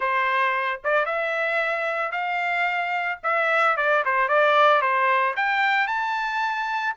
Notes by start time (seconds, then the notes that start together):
0.00 C5
0.84 D5
1.05 E5
2.11 F5
3.23 E5
3.76 D5
4.05 C5
4.28 D5
4.81 C5
5.36 G5
5.87 A5